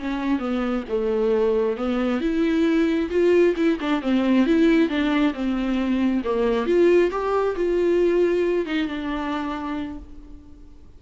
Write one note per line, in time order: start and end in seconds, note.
0.00 0.40 C#4
0.40 0.84 B3
0.89 1.77 A3
1.77 2.21 B3
2.21 3.10 E4
3.11 3.55 F4
3.57 3.79 E4
3.81 4.02 D4
4.02 4.46 C4
4.46 4.89 E4
4.89 5.34 D4
5.34 6.23 C4
6.24 6.67 A#3
6.67 7.11 F4
7.11 7.56 G4
7.56 8.66 F4
8.66 8.88 D#4
8.88 9.99 D4